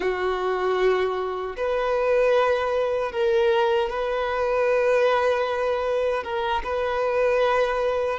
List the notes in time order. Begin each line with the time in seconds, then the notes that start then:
0.00 F#4
1.56 B4
3.12 A#4
3.89 B4
6.23 A#4
6.63 B4